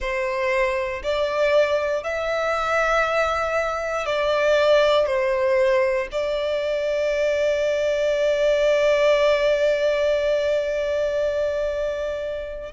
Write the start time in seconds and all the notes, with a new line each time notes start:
0.00 C5
1.03 D5
2.03 E5
4.05 D5
5.06 C5
6.11 D5